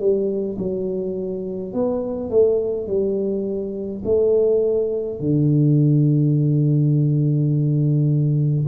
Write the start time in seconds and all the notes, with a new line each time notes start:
0.00 G3
0.59 F#3
1.73 B3
2.30 A3
2.87 G3
4.05 A3
5.20 D3